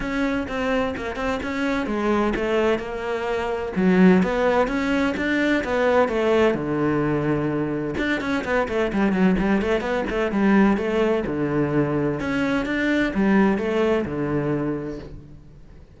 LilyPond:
\new Staff \with { instrumentName = "cello" } { \time 4/4 \tempo 4 = 128 cis'4 c'4 ais8 c'8 cis'4 | gis4 a4 ais2 | fis4 b4 cis'4 d'4 | b4 a4 d2~ |
d4 d'8 cis'8 b8 a8 g8 fis8 | g8 a8 b8 a8 g4 a4 | d2 cis'4 d'4 | g4 a4 d2 | }